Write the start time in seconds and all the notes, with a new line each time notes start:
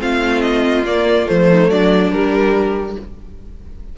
0.00 A3 C4 F4 F5
0.41 D#5
0.84 A#3 D5
1.26 F3 A3 C5
1.50 D#4
1.69 F#3 D4 D5
2.11 G3 A#4